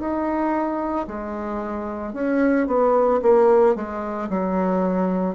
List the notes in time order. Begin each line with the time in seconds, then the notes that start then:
0.00 D#4
1.08 G#3
2.14 C#4
2.67 B3
3.22 A#3
3.76 G#3
4.30 F#3